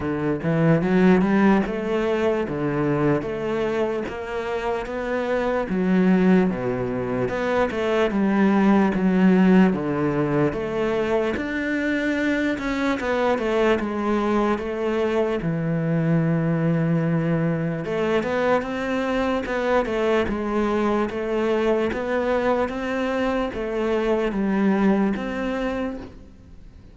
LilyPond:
\new Staff \with { instrumentName = "cello" } { \time 4/4 \tempo 4 = 74 d8 e8 fis8 g8 a4 d4 | a4 ais4 b4 fis4 | b,4 b8 a8 g4 fis4 | d4 a4 d'4. cis'8 |
b8 a8 gis4 a4 e4~ | e2 a8 b8 c'4 | b8 a8 gis4 a4 b4 | c'4 a4 g4 c'4 | }